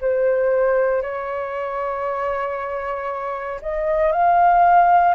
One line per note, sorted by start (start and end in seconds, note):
0.00 1.02 C5
1.02 3.60 C#5
3.62 4.11 D#5
4.11 5.14 F5